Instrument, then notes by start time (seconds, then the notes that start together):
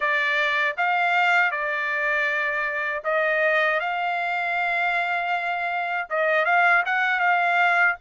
trumpet
0.00 D5
0.77 F5
1.51 D5
3.04 D#5
3.80 F5
6.09 D#5
6.45 F5
6.85 F#5
7.19 F5